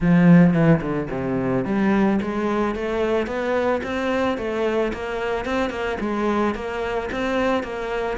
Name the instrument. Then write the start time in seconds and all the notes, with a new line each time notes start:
cello
0.00 F3
0.53 E3
0.81 D3
1.10 C3
1.65 G3
2.21 G#3
2.75 A3
3.26 B3
3.83 C4
4.37 A3
4.93 A#3
5.45 C4
5.70 A#3
6.00 G#3
6.55 A#3
7.11 C4
7.63 A#3